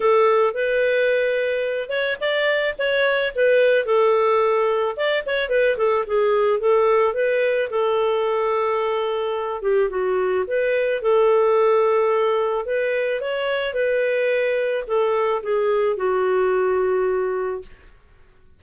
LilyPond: \new Staff \with { instrumentName = "clarinet" } { \time 4/4 \tempo 4 = 109 a'4 b'2~ b'8 cis''8 | d''4 cis''4 b'4 a'4~ | a'4 d''8 cis''8 b'8 a'8 gis'4 | a'4 b'4 a'2~ |
a'4. g'8 fis'4 b'4 | a'2. b'4 | cis''4 b'2 a'4 | gis'4 fis'2. | }